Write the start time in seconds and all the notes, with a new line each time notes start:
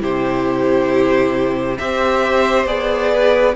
0.00 C3 E4 G4 C5
1.78 C4 G4 C5 E5
2.66 B3 G#4 D5
3.12 B4